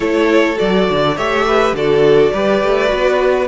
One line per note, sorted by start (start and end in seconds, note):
0.00 0.57 A3
0.00 0.55 E4
0.00 1.15 A4
0.00 0.58 C#5
0.55 0.90 F#3
0.55 1.13 F#4
0.55 1.17 D5
0.90 1.17 D3
1.15 1.72 A3
1.15 1.75 G4
1.15 1.44 C#5
1.15 1.75 E5
1.47 1.76 B4
1.72 2.30 D3
1.72 2.33 F#4
1.72 2.32 A4
1.72 3.47 D5
2.32 2.62 G3
2.32 2.87 G4
2.32 3.47 B4
2.62 2.92 A3
2.87 3.47 B3
2.87 3.45 F#4